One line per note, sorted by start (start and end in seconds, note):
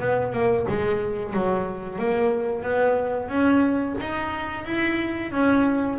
0.00 0.33 B3
0.33 0.66 A#3
0.69 1.34 G#3
1.34 1.99 F#3
1.99 2.63 A#3
2.63 3.29 B3
3.29 3.95 C#4
4.01 4.65 D#4
4.65 5.32 E4
5.32 5.98 C#4